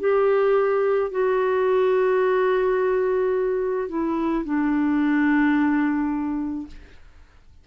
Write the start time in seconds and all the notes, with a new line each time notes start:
0.00 G4
1.11 F#4
3.89 E4
4.45 D4